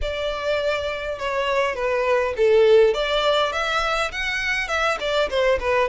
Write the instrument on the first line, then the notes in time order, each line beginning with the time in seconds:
violin
0.01 D5
1.18 C#5
1.75 B4
2.36 A4
2.94 D5
3.52 E5
4.11 F#5
4.68 E5
4.99 D5
5.29 C5
5.60 B4